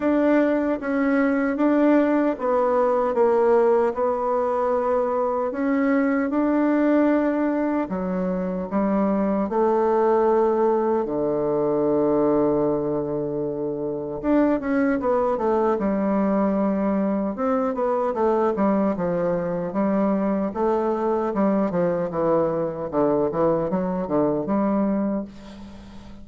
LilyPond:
\new Staff \with { instrumentName = "bassoon" } { \time 4/4 \tempo 4 = 76 d'4 cis'4 d'4 b4 | ais4 b2 cis'4 | d'2 fis4 g4 | a2 d2~ |
d2 d'8 cis'8 b8 a8 | g2 c'8 b8 a8 g8 | f4 g4 a4 g8 f8 | e4 d8 e8 fis8 d8 g4 | }